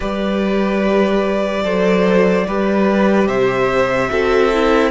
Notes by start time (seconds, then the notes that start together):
0.00 G3 G4 B4 D5
1.63 F#3 A4 C5
2.47 G3 G4 B4
3.27 C3 C5 E5
4.08 C4 F#4 A4
4.53 E4